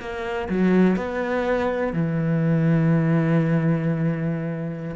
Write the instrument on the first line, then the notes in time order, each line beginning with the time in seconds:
cello
0.00 A#3
0.49 F#3
0.97 B3
1.94 E3